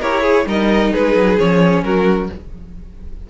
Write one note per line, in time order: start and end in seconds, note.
0.00 0.45 E4
0.00 0.23 G4
0.00 0.22 A#4
0.00 0.47 C#5
0.22 0.45 G#4
0.22 0.46 G#4
0.45 0.91 G3
0.45 1.38 D#4
0.45 0.92 A#4
0.45 0.93 D#5
0.92 1.15 G#3
0.92 1.84 G#4
0.92 1.38 B4
1.15 1.38 F#3
1.38 1.83 F3
1.38 2.30 C#4
1.38 1.83 C#5
1.83 2.29 F#3
1.83 2.30 F#4
1.83 2.29 A#4